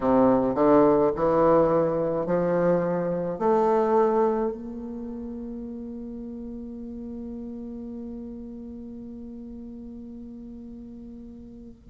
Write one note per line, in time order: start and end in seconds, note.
0.00 0.54 C3
0.54 1.11 D3
1.15 2.25 E3
2.25 3.38 F3
3.38 4.51 A3
4.51 11.87 A#3